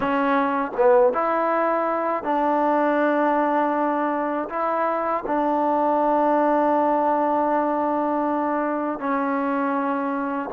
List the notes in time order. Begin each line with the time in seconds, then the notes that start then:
0.00 C#4
0.76 B3
1.13 E4
2.23 D4
4.49 E4
5.26 D4
8.99 C#4